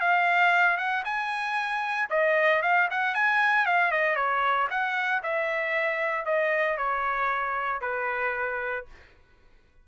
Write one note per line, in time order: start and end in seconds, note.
0.00 0.77 F5
0.77 1.03 F#5
1.04 2.09 G#5
2.10 2.62 D#5
2.62 2.88 F5
2.91 3.14 F#5
3.14 3.66 G#5
3.66 3.91 F5
3.91 4.16 D#5
4.16 4.68 C#5
4.70 5.22 F#5
5.23 6.25 E5
6.25 6.77 D#5
6.77 7.81 C#5
7.81 8.86 B4